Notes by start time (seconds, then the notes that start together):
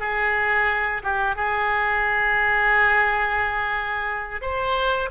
0.00 G#4
1.03 G4
1.36 G#4
4.41 C5